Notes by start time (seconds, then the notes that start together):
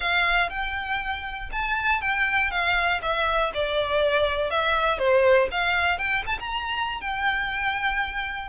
0.00 F5
0.49 G5
1.51 A5
2.01 G5
2.50 F5
3.02 E5
3.54 D5
4.50 E5
4.98 C5
5.51 F5
5.98 G5
6.26 A5
6.39 A#5
7.00 G5